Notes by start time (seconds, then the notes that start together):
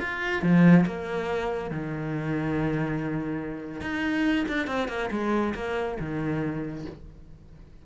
0.00 F4
0.42 F3
0.86 A#3
1.71 D#3
3.81 D#4
4.48 D4
4.67 C4
4.89 A#3
5.11 G#3
5.55 A#3
6.00 D#3